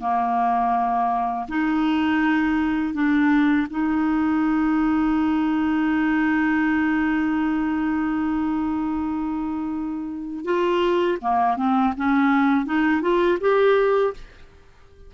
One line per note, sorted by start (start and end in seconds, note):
0.00 1.46 A#3
1.48 2.94 D#4
2.94 3.67 D4
3.70 10.44 D#4
10.44 11.18 F4
11.21 11.57 A#3
11.57 11.93 C4
11.96 12.65 C#4
12.65 13.01 D#4
13.01 13.38 F4
13.40 14.13 G4